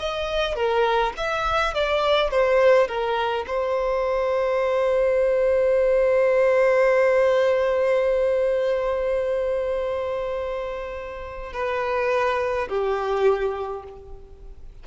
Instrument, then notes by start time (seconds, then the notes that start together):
violin
0.00 D#5
0.56 A#4
1.17 E5
1.75 D5
2.31 C5
2.88 A#4
3.48 C5
11.53 B4
12.69 G4